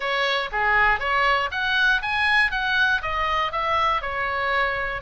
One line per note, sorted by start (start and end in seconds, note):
0.00 0.50 C#5
0.52 0.99 G#4
0.99 1.50 C#5
1.51 2.01 F#5
2.02 2.51 G#5
2.51 3.01 F#5
3.01 3.52 D#5
3.52 4.01 E5
4.01 5.01 C#5